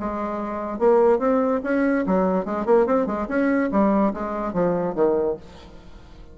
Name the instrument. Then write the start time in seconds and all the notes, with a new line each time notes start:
bassoon
0.00 G#3
0.79 A#3
1.19 C4
1.64 C#4
2.07 F#3
2.45 G#3
2.66 A#3
2.86 C4
3.06 G#3
3.29 C#4
3.72 G3
4.14 G#3
4.53 F3
4.95 D#3